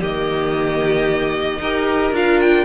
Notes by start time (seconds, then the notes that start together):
0.00 D#3 A#3 G4 D#5
1.59 D#4 G4 A#4
2.12 D4 F4 F5
2.41 G5